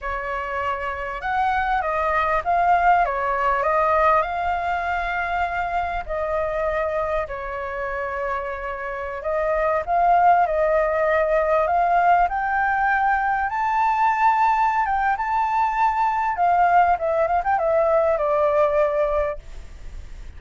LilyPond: \new Staff \with { instrumentName = "flute" } { \time 4/4 \tempo 4 = 99 cis''2 fis''4 dis''4 | f''4 cis''4 dis''4 f''4~ | f''2 dis''2 | cis''2.~ cis''16 dis''8.~ |
dis''16 f''4 dis''2 f''8.~ | f''16 g''2 a''4.~ a''16~ | a''8 g''8 a''2 f''4 | e''8 f''16 g''16 e''4 d''2 | }